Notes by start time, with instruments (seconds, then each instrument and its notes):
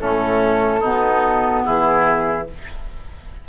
0.00 bassoon A2, clarinet A3, oboe C#4, flute A4
0.80 bassoon B2, clarinet B3, oboe D#4
1.65 bassoon E3, oboe E4, flute G#4